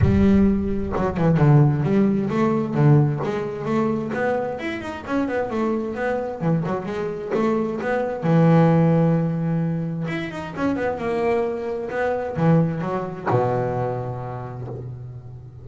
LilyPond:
\new Staff \with { instrumentName = "double bass" } { \time 4/4 \tempo 4 = 131 g2 fis8 e8 d4 | g4 a4 d4 gis4 | a4 b4 e'8 dis'8 cis'8 b8 | a4 b4 e8 fis8 gis4 |
a4 b4 e2~ | e2 e'8 dis'8 cis'8 b8 | ais2 b4 e4 | fis4 b,2. | }